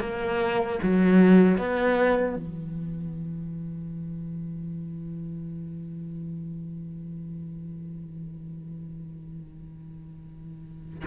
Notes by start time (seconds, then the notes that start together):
0.00 A#3
0.83 F#3
1.58 B3
2.36 E3